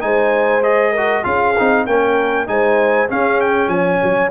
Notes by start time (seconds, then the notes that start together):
0.00 G#3 D#4 C5 G#5
0.63 G#4 D#5
0.92 F#4 A#4
1.23 C#4 F4 G#4 F5
1.58 C4 D#4
1.86 A#3 C#4 A#4 G5
2.46 G#3 D#4 C5 G#5
3.09 C#4 G#4 F5
3.41 G5
3.68 F3 C#5 G#5
4.03 F#3